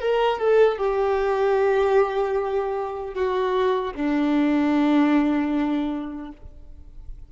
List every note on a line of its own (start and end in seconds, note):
0.00 0.39 A#4
0.39 0.78 A4
0.78 3.14 G4
3.14 3.93 F#4
3.95 6.32 D4